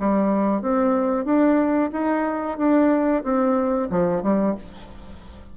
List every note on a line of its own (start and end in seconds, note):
0.00 0.62 G3
0.62 1.25 C4
1.25 1.91 D4
1.93 2.58 D#4
2.58 3.23 D4
3.24 3.89 C4
3.91 4.23 F3
4.23 4.55 G3